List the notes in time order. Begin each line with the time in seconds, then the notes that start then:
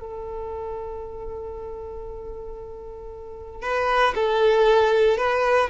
0.00 A4
3.62 B4
4.15 A4
5.18 B4